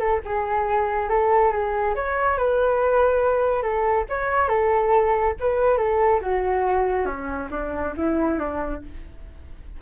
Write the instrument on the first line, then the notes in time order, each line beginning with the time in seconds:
flute
0.00 A4
0.26 G#4
1.10 A4
1.53 G#4
1.96 C#5
2.38 B4
3.63 A4
4.10 C#5
4.49 A4
5.41 B4
5.78 A4
6.22 F#4
7.06 C#4
7.51 D4
7.97 E4
8.39 D4